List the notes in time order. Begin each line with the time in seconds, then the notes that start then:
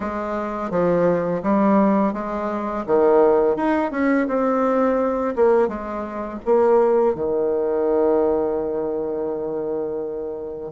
0.00 G#3
0.70 F3
1.43 G3
2.13 G#3
2.86 D#3
3.56 D#4
3.91 C#4
4.27 C4
5.35 A#3
5.68 G#3
6.45 A#3
7.14 D#3